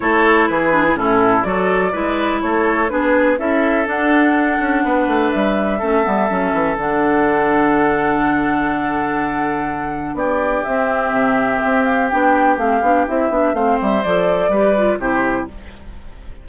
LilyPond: <<
  \new Staff \with { instrumentName = "flute" } { \time 4/4 \tempo 4 = 124 cis''4 b'4 a'4 d''4~ | d''4 cis''4 b'4 e''4 | fis''2. e''4~ | e''2 fis''2~ |
fis''1~ | fis''4 d''4 e''2~ | e''8 f''8 g''4 f''4 e''4 | f''8 e''8 d''2 c''4 | }
  \new Staff \with { instrumentName = "oboe" } { \time 4/4 a'4 gis'4 e'4 a'4 | b'4 a'4 gis'4 a'4~ | a'2 b'2 | a'1~ |
a'1~ | a'4 g'2.~ | g'1 | c''2 b'4 g'4 | }
  \new Staff \with { instrumentName = "clarinet" } { \time 4/4 e'4. d'16 e'16 cis'4 fis'4 | e'2 d'4 e'4 | d'1 | cis'8 b8 cis'4 d'2~ |
d'1~ | d'2 c'2~ | c'4 d'4 c'8 d'8 e'8 d'8 | c'4 a'4 g'8 f'8 e'4 | }
  \new Staff \with { instrumentName = "bassoon" } { \time 4/4 a4 e4 a,4 fis4 | gis4 a4 b4 cis'4 | d'4. cis'8 b8 a8 g4 | a8 g8 fis8 e8 d2~ |
d1~ | d4 b4 c'4 c4 | c'4 b4 a8 b8 c'8 b8 | a8 g8 f4 g4 c4 | }
>>